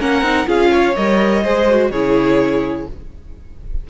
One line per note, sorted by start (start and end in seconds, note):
0.00 0.22 A#3
0.00 0.24 C#4
0.00 0.48 A#4
0.00 0.49 F#5
0.22 0.46 C4
0.22 0.47 D#4
0.47 0.96 C#4
0.47 0.95 F4
0.47 0.72 G#4
0.47 0.96 F5
0.72 1.44 C#5
0.96 1.45 G3
0.96 1.45 A#4
0.96 1.91 D#5
1.44 1.91 G#3
1.44 1.69 G#4
1.44 1.92 C5
1.70 1.94 F#4
1.91 2.87 C#3
1.91 2.90 E4
1.91 2.88 G#4
1.91 2.87 C#5